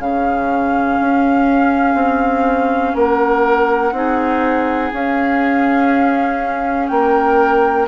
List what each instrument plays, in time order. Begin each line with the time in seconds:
0.00 bassoon C#3, clarinet C#4, oboe G#4, flute F5
1.00 bassoon C#4
1.95 bassoon C4
2.95 bassoon A#3, oboe A#4, flute F#5
3.93 bassoon C4, clarinet D#4, oboe G#4
4.93 bassoon C#4, clarinet C#4, flute F5
6.88 bassoon A#3, oboe A#4, flute G5